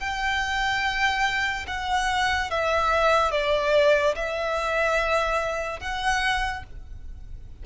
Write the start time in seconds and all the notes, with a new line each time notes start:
0.00 G5
1.68 F#5
2.51 E5
3.32 D5
4.16 E5
5.80 F#5